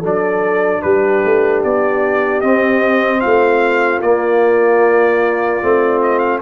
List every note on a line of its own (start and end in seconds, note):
0.00 0.83 F#3
0.00 2.43 D4
0.00 0.80 A4
0.00 0.82 D5
0.82 1.24 G3
0.82 3.21 G4
0.82 1.62 B4
1.25 1.64 A3
1.64 2.43 B3
1.64 2.41 D5
2.41 3.23 C4
2.41 4.03 C4
2.41 3.21 D#5
3.21 4.01 A3
3.21 6.41 F4
3.21 4.01 F5
4.01 5.61 A#3
4.01 5.63 A#3
4.01 6.02 D5
5.63 6.42 A3
5.63 6.42 C4
6.02 6.19 D#5
6.19 6.39 F5